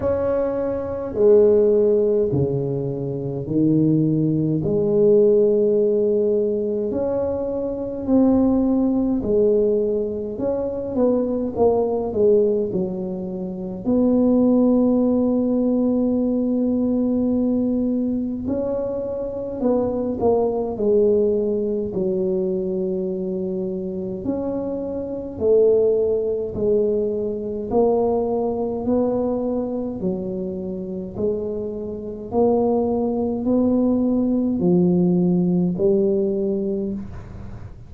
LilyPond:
\new Staff \with { instrumentName = "tuba" } { \time 4/4 \tempo 4 = 52 cis'4 gis4 cis4 dis4 | gis2 cis'4 c'4 | gis4 cis'8 b8 ais8 gis8 fis4 | b1 |
cis'4 b8 ais8 gis4 fis4~ | fis4 cis'4 a4 gis4 | ais4 b4 fis4 gis4 | ais4 b4 f4 g4 | }